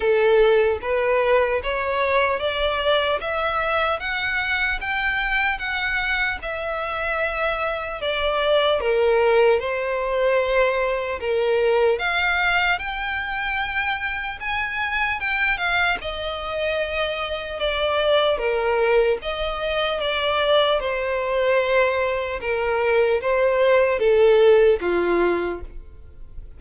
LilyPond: \new Staff \with { instrumentName = "violin" } { \time 4/4 \tempo 4 = 75 a'4 b'4 cis''4 d''4 | e''4 fis''4 g''4 fis''4 | e''2 d''4 ais'4 | c''2 ais'4 f''4 |
g''2 gis''4 g''8 f''8 | dis''2 d''4 ais'4 | dis''4 d''4 c''2 | ais'4 c''4 a'4 f'4 | }